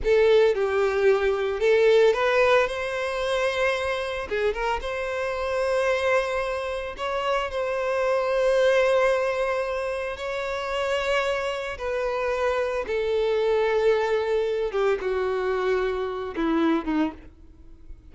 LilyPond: \new Staff \with { instrumentName = "violin" } { \time 4/4 \tempo 4 = 112 a'4 g'2 a'4 | b'4 c''2. | gis'8 ais'8 c''2.~ | c''4 cis''4 c''2~ |
c''2. cis''4~ | cis''2 b'2 | a'2.~ a'8 g'8 | fis'2~ fis'8 e'4 dis'8 | }